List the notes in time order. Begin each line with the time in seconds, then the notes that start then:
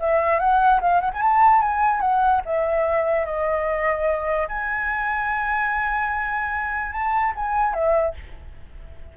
0.00 E5
0.40 F#5
0.81 F5
1.01 F#5
1.14 G#5
1.22 A5
1.62 G#5
2.01 F#5
2.46 E5
3.26 D#5
4.48 G#5
6.93 A5
7.36 G#5
7.74 E5